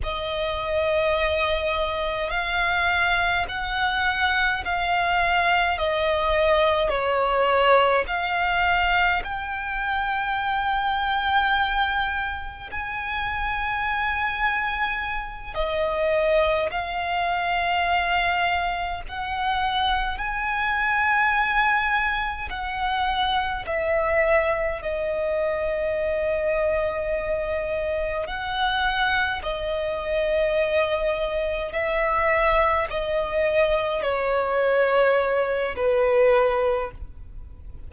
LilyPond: \new Staff \with { instrumentName = "violin" } { \time 4/4 \tempo 4 = 52 dis''2 f''4 fis''4 | f''4 dis''4 cis''4 f''4 | g''2. gis''4~ | gis''4. dis''4 f''4.~ |
f''8 fis''4 gis''2 fis''8~ | fis''8 e''4 dis''2~ dis''8~ | dis''8 fis''4 dis''2 e''8~ | e''8 dis''4 cis''4. b'4 | }